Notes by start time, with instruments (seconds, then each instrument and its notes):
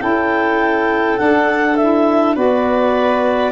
0.00 tuba C#4, saxophone E4, violin A4, clarinet G5
1.17 saxophone D4, tuba D4, clarinet F#5
1.76 saxophone E4, clarinet E5
2.35 tuba B3, saxophone F#4, violin B4, clarinet D5